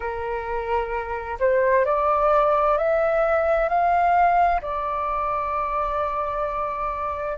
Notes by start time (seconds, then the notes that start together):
0.00 A#4
1.39 C5
1.85 D5
2.77 E5
3.68 F5
4.61 D5